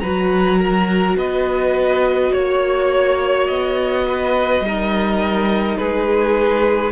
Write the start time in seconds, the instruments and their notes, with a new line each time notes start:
0.00 cello F#3, viola F#4, violin B4 A#5
0.59 violin A#4
1.16 cello B3, violin B4 D#5
2.33 cello A#3, violin C#5
3.48 cello B3, violin D#5
4.08 violin B4
4.61 cello G3, viola D#4
4.68 violin A#4
5.77 cello G#3, violin G#4 B4